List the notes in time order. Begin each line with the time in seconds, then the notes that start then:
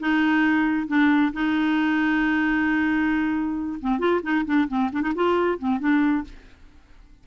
0.00 D#4
0.88 D4
1.33 D#4
3.81 C4
3.99 F4
4.23 D#4
4.46 D4
4.68 C4
4.93 D4
5.02 D#4
5.15 F4
5.59 C4
5.80 D4